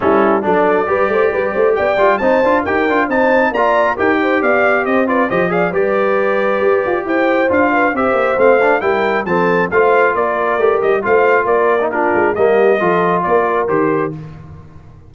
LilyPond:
<<
  \new Staff \with { instrumentName = "trumpet" } { \time 4/4 \tempo 4 = 136 a'4 d''2. | g''4 a''4 g''4 a''4 | ais''4 g''4 f''4 dis''8 d''8 | dis''8 f''8 d''2. |
g''4 f''4 e''4 f''4 | g''4 a''4 f''4 d''4~ | d''8 dis''8 f''4 d''4 ais'4 | dis''2 d''4 c''4 | }
  \new Staff \with { instrumentName = "horn" } { \time 4/4 e'4 a'4 b'8 c''8 b'8 c''8 | d''4 c''4 ais'4 c''4 | d''4 ais'8 c''8 d''4 c''8 b'8 | c''8 d''8 b'2. |
c''4. b'8 c''2 | ais'4 a'4 c''4 ais'4~ | ais'4 c''4 ais'4 f'4 | g'4 a'4 ais'2 | }
  \new Staff \with { instrumentName = "trombone" } { \time 4/4 cis'4 d'4 g'2~ | g'8 f'8 dis'8 f'8 g'8 f'8 dis'4 | f'4 g'2~ g'8 f'8 | g'8 gis'8 g'2.~ |
g'4 f'4 g'4 c'8 d'8 | e'4 c'4 f'2 | g'4 f'4.~ f'16 dis'16 d'4 | ais4 f'2 g'4 | }
  \new Staff \with { instrumentName = "tuba" } { \time 4/4 g4 fis4 g8 a8 g8 a8 | b8 g8 c'8 d'8 dis'8 d'8 c'4 | ais4 dis'4 b4 c'4 | f4 g2 g'8 f'8 |
e'4 d'4 c'8 ais8 a4 | g4 f4 a4 ais4 | a8 g8 a4 ais4. gis8 | g4 f4 ais4 dis4 | }
>>